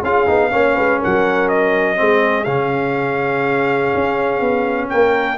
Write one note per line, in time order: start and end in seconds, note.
0.00 0.27 C#4
0.00 0.27 F4
0.00 0.49 G#4
0.00 1.01 F5
0.27 0.52 B3
0.27 0.50 D#4
0.50 0.76 A#3
0.50 1.96 C#4
0.50 0.75 C#5
0.75 1.02 G#3
0.75 0.99 B4
0.99 1.96 A#4
0.99 1.48 F#5
1.05 2.00 F#3
1.48 2.44 D#5
1.96 2.46 G#3
1.96 2.45 C4
1.96 4.90 G#4
2.44 3.93 C#3
2.44 5.37 C#4
2.44 4.88 F5
3.94 4.40 C#4
4.40 4.89 B3
4.89 5.37 A#3
4.89 5.37 A#4
4.89 5.37 G5